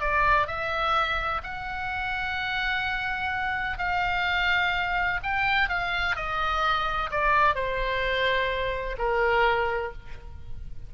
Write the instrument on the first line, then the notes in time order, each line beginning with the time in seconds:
oboe
0.00 D5
0.47 E5
1.43 F#5
3.78 F5
5.23 G5
5.69 F5
6.16 D#5
7.11 D5
7.55 C5
8.98 A#4